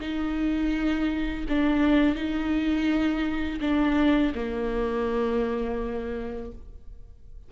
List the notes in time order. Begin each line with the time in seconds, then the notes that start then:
0.00 D#4
1.48 D4
2.15 D#4
3.60 D4
4.34 A#3